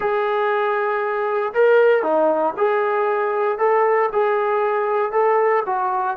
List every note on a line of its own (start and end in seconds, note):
0.00 1.53 G#4
1.53 2.02 A#4
2.02 2.54 D#4
2.57 3.58 G#4
3.58 4.09 A4
4.12 5.11 G#4
5.11 5.63 A4
5.66 6.17 F#4